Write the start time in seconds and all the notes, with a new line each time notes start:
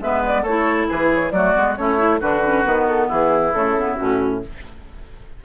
0.00 G#3 B3 B4 E5
0.26 D5
0.42 A3 E4 A4 C#5
0.88 E3 G#4 B4
1.14 C#5
1.31 F#3 A3 F#4 D5
1.55 G#3 B3
1.76 A3 C#4 E4 C#5
1.98 E4
2.20 D3 D4 F#4 B4
2.44 C#4
2.64 D#3 B3
2.88 A4
3.08 E3 E4 G#4
3.53 C#3 A3 A4
3.78 B3
3.96 A2 C#4 F#4